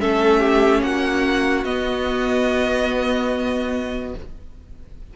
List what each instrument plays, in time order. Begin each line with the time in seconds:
0.00 cello A3, viola C#4, violin A4 E5
0.40 violin G4
0.82 cello A#3, violin F#4 F#5
1.64 cello B3, viola B3, violin D#5